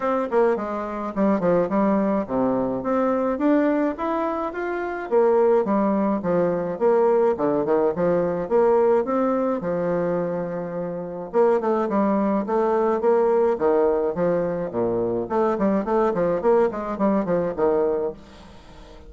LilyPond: \new Staff \with { instrumentName = "bassoon" } { \time 4/4 \tempo 4 = 106 c'8 ais8 gis4 g8 f8 g4 | c4 c'4 d'4 e'4 | f'4 ais4 g4 f4 | ais4 d8 dis8 f4 ais4 |
c'4 f2. | ais8 a8 g4 a4 ais4 | dis4 f4 ais,4 a8 g8 | a8 f8 ais8 gis8 g8 f8 dis4 | }